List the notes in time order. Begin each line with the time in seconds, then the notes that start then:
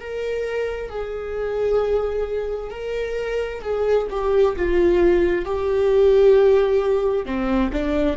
0.00 A#4
0.90 G#4
2.70 A#4
3.62 G#4
4.10 G4
4.56 F4
5.45 G4
7.26 C4
7.72 D4